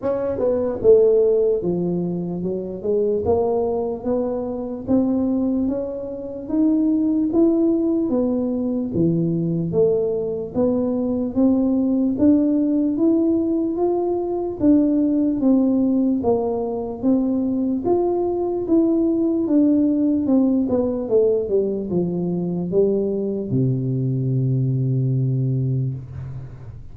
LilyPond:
\new Staff \with { instrumentName = "tuba" } { \time 4/4 \tempo 4 = 74 cis'8 b8 a4 f4 fis8 gis8 | ais4 b4 c'4 cis'4 | dis'4 e'4 b4 e4 | a4 b4 c'4 d'4 |
e'4 f'4 d'4 c'4 | ais4 c'4 f'4 e'4 | d'4 c'8 b8 a8 g8 f4 | g4 c2. | }